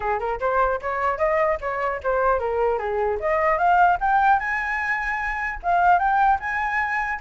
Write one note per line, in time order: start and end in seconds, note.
0.00 0.19 G#4
0.19 0.39 A#4
0.40 0.80 C5
0.81 1.18 C#5
1.18 1.58 D#5
1.61 2.01 C#5
2.03 2.39 C5
2.39 2.78 A#4
2.78 3.18 G#4
3.19 3.58 D#5
3.58 3.98 F5
4.00 4.39 G5
4.39 5.59 G#5
5.63 5.98 F5
5.98 6.38 G5
6.39 7.19 G#5